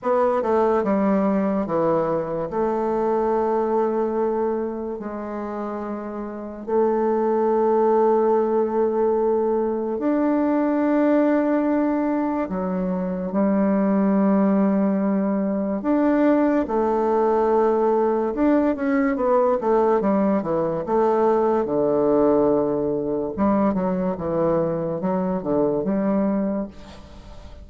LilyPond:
\new Staff \with { instrumentName = "bassoon" } { \time 4/4 \tempo 4 = 72 b8 a8 g4 e4 a4~ | a2 gis2 | a1 | d'2. fis4 |
g2. d'4 | a2 d'8 cis'8 b8 a8 | g8 e8 a4 d2 | g8 fis8 e4 fis8 d8 g4 | }